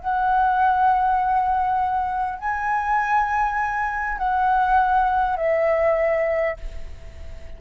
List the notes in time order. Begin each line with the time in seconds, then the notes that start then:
0.00 F#5
2.39 G#5
4.18 F#5
5.37 E5